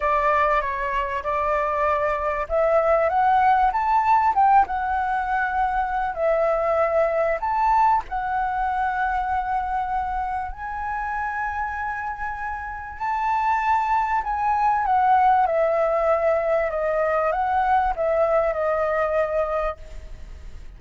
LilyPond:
\new Staff \with { instrumentName = "flute" } { \time 4/4 \tempo 4 = 97 d''4 cis''4 d''2 | e''4 fis''4 a''4 g''8 fis''8~ | fis''2 e''2 | a''4 fis''2.~ |
fis''4 gis''2.~ | gis''4 a''2 gis''4 | fis''4 e''2 dis''4 | fis''4 e''4 dis''2 | }